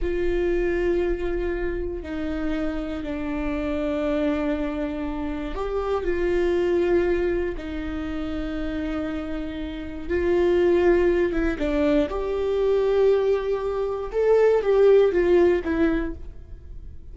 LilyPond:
\new Staff \with { instrumentName = "viola" } { \time 4/4 \tempo 4 = 119 f'1 | dis'2 d'2~ | d'2. g'4 | f'2. dis'4~ |
dis'1 | f'2~ f'8 e'8 d'4 | g'1 | a'4 g'4 f'4 e'4 | }